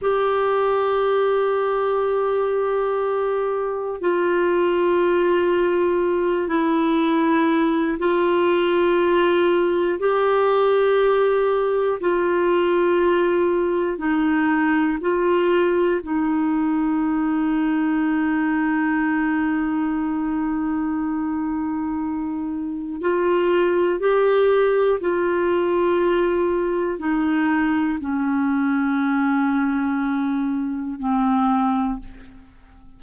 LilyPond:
\new Staff \with { instrumentName = "clarinet" } { \time 4/4 \tempo 4 = 60 g'1 | f'2~ f'8 e'4. | f'2 g'2 | f'2 dis'4 f'4 |
dis'1~ | dis'2. f'4 | g'4 f'2 dis'4 | cis'2. c'4 | }